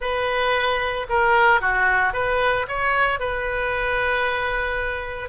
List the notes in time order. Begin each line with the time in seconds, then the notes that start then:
0.00 B4
1.09 A#4
1.60 F#4
2.13 B4
2.67 C#5
3.19 B4